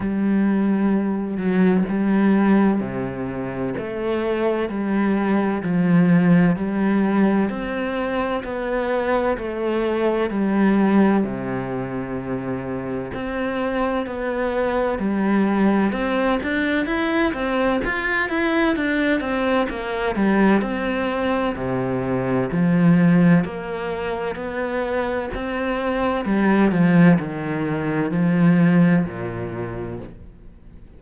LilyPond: \new Staff \with { instrumentName = "cello" } { \time 4/4 \tempo 4 = 64 g4. fis8 g4 c4 | a4 g4 f4 g4 | c'4 b4 a4 g4 | c2 c'4 b4 |
g4 c'8 d'8 e'8 c'8 f'8 e'8 | d'8 c'8 ais8 g8 c'4 c4 | f4 ais4 b4 c'4 | g8 f8 dis4 f4 ais,4 | }